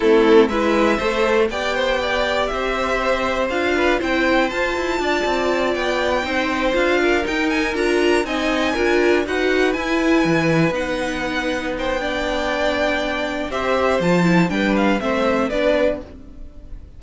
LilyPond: <<
  \new Staff \with { instrumentName = "violin" } { \time 4/4 \tempo 4 = 120 a'4 e''2 g''4~ | g''4 e''2 f''4 | g''4 a''2~ a''8 g''8~ | g''4. f''4 g''8 gis''8 ais''8~ |
ais''8 gis''2 fis''4 gis''8~ | gis''4. fis''2 g''8~ | g''2. e''4 | a''4 g''8 f''8 e''4 d''4 | }
  \new Staff \with { instrumentName = "violin" } { \time 4/4 e'4 b'4 c''4 d''8 c''8 | d''4 c''2~ c''8 b'8 | c''2 d''2~ | d''8 c''4. ais'2~ |
ais'8 dis''4 ais'4 b'4.~ | b'2.~ b'8 c''8 | d''2. c''4~ | c''4 b'4 c''4 b'4 | }
  \new Staff \with { instrumentName = "viola" } { \time 4/4 c'4 e'4 a'4 g'4~ | g'2. f'4 | e'4 f'2.~ | f'8 dis'4 f'4 dis'4 f'8~ |
f'8 dis'4 f'4 fis'4 e'8~ | e'4. dis'2~ dis'8 | d'2. g'4 | f'8 e'8 d'4 c'4 d'4 | }
  \new Staff \with { instrumentName = "cello" } { \time 4/4 a4 gis4 a4 b4~ | b4 c'2 d'4 | c'4 f'8 e'8 d'8 c'4 b8~ | b8 c'4 d'4 dis'4 d'8~ |
d'8 c'4 d'4 dis'4 e'8~ | e'8 e4 b2~ b8~ | b2. c'4 | f4 g4 a4 b4 | }
>>